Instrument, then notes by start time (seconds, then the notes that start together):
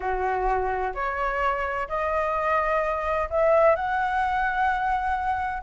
flute
0.00 F#4
0.94 C#5
1.88 D#5
3.30 E5
3.75 F#5